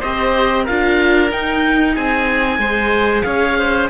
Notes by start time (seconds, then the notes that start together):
0.00 C4 G4 C5 D#5
0.64 D4 F4 A#4 F5
1.31 D#4 G5
1.94 C4 G#4 G#5
2.58 G#3 G#4 C5
3.23 C#4 C#5 F5
3.58 C5